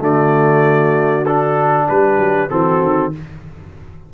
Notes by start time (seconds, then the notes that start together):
0.00 D3 A3 F#4 D5
1.26 D4 A4
1.88 G3 G4 B4
2.18 F#3
2.50 E3 C4 F#4 A4
2.82 D#3